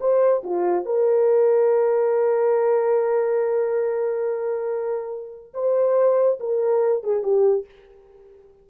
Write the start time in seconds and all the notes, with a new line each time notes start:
0.00 C5
0.43 F4
0.85 A#4
5.54 C5
6.39 A#4
7.03 G#4
7.23 G4